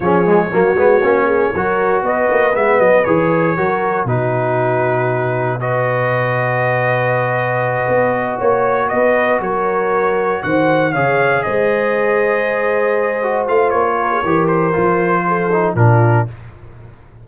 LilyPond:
<<
  \new Staff \with { instrumentName = "trumpet" } { \time 4/4 \tempo 4 = 118 cis''1 | dis''4 e''8 dis''8 cis''2 | b'2. dis''4~ | dis''1~ |
dis''8 cis''4 dis''4 cis''4.~ | cis''8 fis''4 f''4 dis''4.~ | dis''2~ dis''8 f''8 cis''4~ | cis''8 c''2~ c''8 ais'4 | }
  \new Staff \with { instrumentName = "horn" } { \time 4/4 gis'4 fis'4. gis'8 ais'4 | b'2. ais'4 | fis'2. b'4~ | b'1~ |
b'8 cis''4 b'4 ais'4.~ | ais'8 c''4 cis''4 c''4.~ | c''2.~ c''8 ais'16 gis'16 | ais'2 a'4 f'4 | }
  \new Staff \with { instrumentName = "trombone" } { \time 4/4 cis'8 gis8 ais8 b8 cis'4 fis'4~ | fis'4 b4 gis'4 fis'4 | dis'2. fis'4~ | fis'1~ |
fis'1~ | fis'4. gis'2~ gis'8~ | gis'2 fis'8 f'4. | g'4 f'4. dis'8 d'4 | }
  \new Staff \with { instrumentName = "tuba" } { \time 4/4 f4 fis8 gis8 ais4 fis4 | b8 ais8 gis8 fis8 e4 fis4 | b,1~ | b,2.~ b,8 b8~ |
b8 ais4 b4 fis4.~ | fis8 dis4 cis4 gis4.~ | gis2~ gis8 a8 ais4 | e4 f2 ais,4 | }
>>